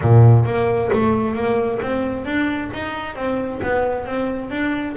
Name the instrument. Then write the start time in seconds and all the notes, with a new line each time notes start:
double bass
0.01 A#2
0.45 A#3
0.92 A3
1.34 A#3
1.82 C4
2.25 D4
2.73 D#4
3.15 C4
3.63 B3
4.05 C4
4.50 D4